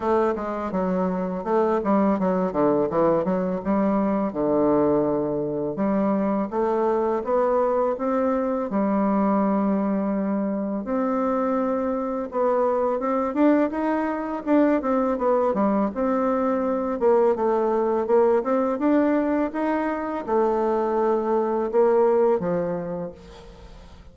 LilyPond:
\new Staff \with { instrumentName = "bassoon" } { \time 4/4 \tempo 4 = 83 a8 gis8 fis4 a8 g8 fis8 d8 | e8 fis8 g4 d2 | g4 a4 b4 c'4 | g2. c'4~ |
c'4 b4 c'8 d'8 dis'4 | d'8 c'8 b8 g8 c'4. ais8 | a4 ais8 c'8 d'4 dis'4 | a2 ais4 f4 | }